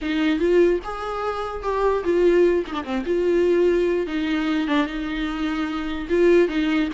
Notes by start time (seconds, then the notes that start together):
0.01 D#4
0.39 F4
0.83 G#4
1.63 G4
2.04 F4
2.66 D#4
2.73 D4
2.84 C4
3.05 F4
4.07 D#4
4.67 D4
4.86 D#4
6.09 F4
6.48 D#4